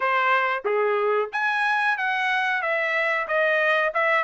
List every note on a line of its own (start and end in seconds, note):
0.00 0.63 C5
0.65 1.30 G#4
1.32 1.97 G#5
1.97 2.61 F#5
2.61 3.27 E5
3.27 3.92 D#5
3.93 4.24 E5